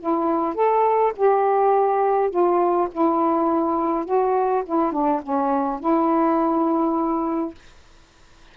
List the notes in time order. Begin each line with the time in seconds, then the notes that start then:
0.00 E4
0.55 A4
1.17 G4
2.30 F4
2.92 E4
4.05 F#4
4.66 E4
4.92 D4
5.23 C#4
5.80 E4